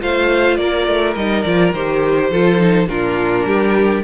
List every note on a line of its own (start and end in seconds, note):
0.00 0.58 A3
0.00 1.15 F4
0.00 0.57 C5
0.00 0.56 F5
0.56 0.87 A#3
0.56 2.30 A#4
0.56 1.14 D5
0.87 1.16 A3
1.15 1.44 G3
1.15 1.45 D#4
1.15 1.42 D#5
1.42 1.73 F3
1.42 1.75 F4
1.42 1.71 D5
1.73 2.30 D#3
1.73 2.32 G4
1.73 2.88 C5
2.30 2.88 F3
2.30 2.58 F4
2.30 2.88 A4
2.58 2.87 D#4
2.87 3.44 A#2
2.87 4.03 D4
2.87 3.46 F4
2.87 4.03 A#4
3.44 4.02 G3
3.44 4.03 G4